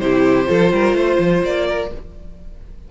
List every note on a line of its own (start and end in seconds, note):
0.00 0.48 C3
0.00 0.45 E4
0.00 0.50 G4
0.00 1.42 C5
0.45 0.72 F3
0.45 1.87 F4
0.45 0.73 A4
0.72 0.94 G3
0.72 0.97 A#4
0.94 1.18 A3
0.94 1.67 C5
1.20 1.43 F3
1.44 1.91 A#3
1.44 1.92 D5
1.67 1.91 A#4